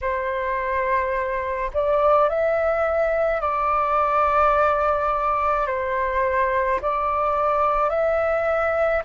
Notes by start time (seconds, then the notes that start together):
0.01 C5
1.73 D5
2.29 E5
3.40 D5
5.67 C5
6.81 D5
7.89 E5